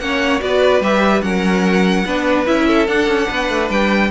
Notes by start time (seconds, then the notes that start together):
0.00 A#3 C#4 C#5 F#5
0.40 B3 F#4 B4 D5
0.81 G3 G4 E5
1.22 F#3 C#4 A#4 F#5
2.06 B3 D4 B4
2.47 C#4 E4 E5
2.68 A4
2.87 D4 F#5
3.07 C#4
3.28 B3 B4
3.50 A3
3.70 G3 G5